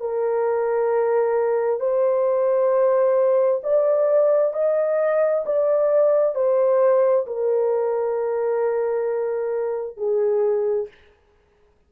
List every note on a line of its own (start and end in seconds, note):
0.00 1.80 A#4
1.80 3.62 C5
3.63 4.54 D5
4.54 5.45 D#5
5.45 6.35 D5
6.35 7.26 C5
7.26 9.97 A#4
9.97 10.88 G#4